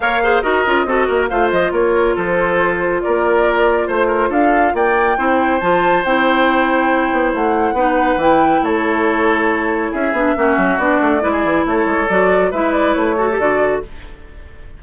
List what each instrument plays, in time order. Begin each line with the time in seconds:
0.00 bassoon A#3, clarinet A#4, oboe C#5, flute F5
0.23 clarinet G#4, oboe C5
0.41 bassoon D#4, clarinet F#4, oboe A#4, flute D#5
0.66 bassoon C#4, clarinet F4
0.85 bassoon C4, clarinet F#4, oboe A4
1.07 bassoon A#3, oboe A#4
1.28 bassoon A3, clarinet F4, oboe C5, flute F5
1.51 bassoon F3, flute D#5
1.71 bassoon A#3, oboe A#4, flute C#5
2.15 bassoon F3, oboe A4, flute C5
3.02 bassoon A#3, oboe A#4, flute D5
3.87 bassoon A3, oboe C5, flute C5
4.07 oboe A#4
4.29 bassoon D4, oboe A4, flute F5
4.74 bassoon A#3, oboe D5, flute G5
5.17 bassoon C4, clarinet E4, oboe C5
5.60 bassoon F3, clarinet F4, flute A5
6.03 bassoon C4, clarinet E4, flute G5
7.11 bassoon B3
7.34 bassoon A3, flute F#5
7.72 bassoon B3, clarinet D#4, oboe B4
8.16 bassoon E3, clarinet E4, flute G5
8.62 bassoon A3, oboe A4, flute C#5
9.91 bassoon C#4, oboe G#4, flute E5
10.12 bassoon B3, clarinet D4
10.36 bassoon A#3, clarinet C#4, oboe F#4
10.57 bassoon F#3
10.78 bassoon B3, clarinet D4, flute D5
11.01 bassoon A3
11.20 bassoon G#3, clarinet E4, oboe B4
11.31 oboe G#4
11.43 bassoon E3
11.65 bassoon A3, oboe A4, flute C#5
11.85 bassoon G#3
12.08 bassoon F#3, clarinet F#4, flute D5
12.50 bassoon G#3, clarinet E4, oboe B4, flute E5
12.72 flute D5
12.93 bassoon A3, flute C#5
13.16 clarinet F#4, oboe A4
13.31 clarinet G4
13.39 bassoon D3, clarinet F#4, flute D5